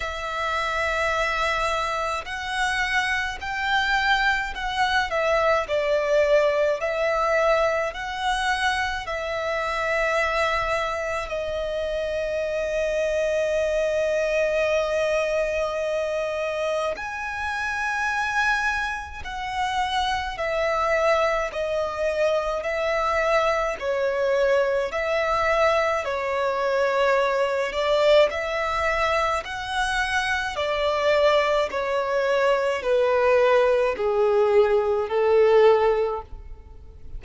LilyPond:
\new Staff \with { instrumentName = "violin" } { \time 4/4 \tempo 4 = 53 e''2 fis''4 g''4 | fis''8 e''8 d''4 e''4 fis''4 | e''2 dis''2~ | dis''2. gis''4~ |
gis''4 fis''4 e''4 dis''4 | e''4 cis''4 e''4 cis''4~ | cis''8 d''8 e''4 fis''4 d''4 | cis''4 b'4 gis'4 a'4 | }